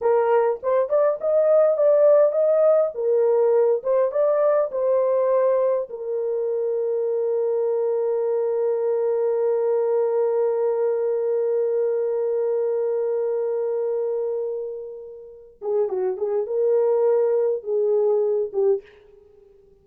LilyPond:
\new Staff \with { instrumentName = "horn" } { \time 4/4 \tempo 4 = 102 ais'4 c''8 d''8 dis''4 d''4 | dis''4 ais'4. c''8 d''4 | c''2 ais'2~ | ais'1~ |
ais'1~ | ais'1~ | ais'2~ ais'8 gis'8 fis'8 gis'8 | ais'2 gis'4. g'8 | }